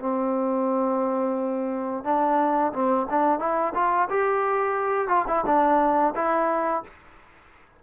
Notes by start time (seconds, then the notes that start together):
0.00 C4
2.05 D4
2.73 C4
3.11 D4
3.40 E4
3.75 F4
4.10 G4
5.09 F4
5.28 E4
5.46 D4
6.16 E4